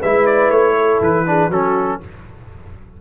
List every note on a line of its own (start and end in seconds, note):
0.00 0.49 G#3
0.00 1.26 E4
0.00 0.74 B4
0.00 0.26 E5
0.26 0.51 D5
0.49 0.99 A3
0.49 1.00 C#5
0.77 1.27 A4
1.01 1.49 E3
1.01 1.51 B4
1.26 1.51 D4
1.26 1.50 G#4
1.49 1.99 F#3
1.49 2.01 C#4
1.49 1.99 F#4
1.49 2.01 A4